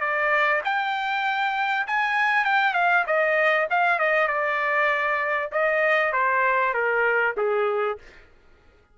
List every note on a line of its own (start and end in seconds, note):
0.00 0.61 D5
0.64 1.86 G5
1.87 2.45 G#5
2.45 2.74 G5
2.74 3.04 F5
3.06 3.68 D#5
3.70 3.99 F5
3.99 4.28 D#5
4.28 5.50 D5
5.52 6.13 D#5
6.13 6.74 C5
6.74 7.35 A#4
7.37 7.98 G#4